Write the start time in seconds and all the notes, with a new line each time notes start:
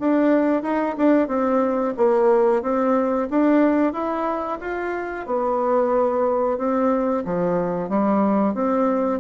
0.00 D4
0.63 D#4
0.98 D4
1.28 C4
1.98 A#3
2.63 C4
3.31 D4
3.93 E4
4.61 F4
5.27 B3
6.58 C4
7.26 F3
7.89 G3
8.55 C4